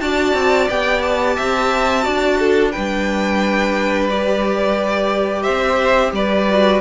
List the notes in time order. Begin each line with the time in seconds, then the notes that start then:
0.00 D4 F#4 D5 A5
0.34 C4
0.69 B3 G4 G5
1.02 A5
1.36 C4 E5
2.02 D4 F#4 D5
2.39 A4
2.71 G3 D4 B4 G5
4.09 G4 D5
5.43 C4 C5 E5
6.13 G3 B4 D5
6.50 F#4